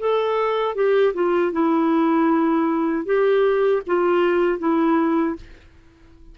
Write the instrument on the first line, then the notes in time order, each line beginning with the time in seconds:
clarinet
0.00 A4
0.76 G4
1.14 F4
1.53 E4
3.06 G4
3.87 F4
4.59 E4